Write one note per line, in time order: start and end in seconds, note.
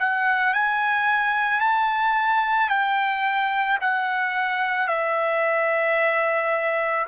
0.00 0.54 F#5
0.54 1.61 G#5
1.61 2.69 A5
2.69 3.78 G5
3.81 4.88 F#5
4.88 7.06 E5